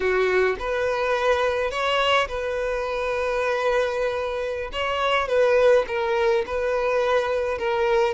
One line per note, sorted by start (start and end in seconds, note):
0.00 0.56 F#4
0.59 1.70 B4
1.70 2.27 C#5
2.28 4.70 B4
4.72 5.28 C#5
5.28 5.85 B4
5.87 6.44 A#4
6.46 7.58 B4
7.58 8.14 A#4